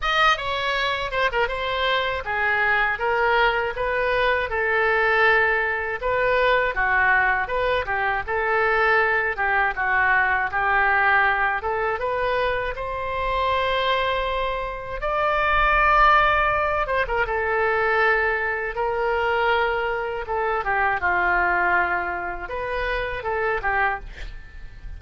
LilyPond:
\new Staff \with { instrumentName = "oboe" } { \time 4/4 \tempo 4 = 80 dis''8 cis''4 c''16 ais'16 c''4 gis'4 | ais'4 b'4 a'2 | b'4 fis'4 b'8 g'8 a'4~ | a'8 g'8 fis'4 g'4. a'8 |
b'4 c''2. | d''2~ d''8 c''16 ais'16 a'4~ | a'4 ais'2 a'8 g'8 | f'2 b'4 a'8 g'8 | }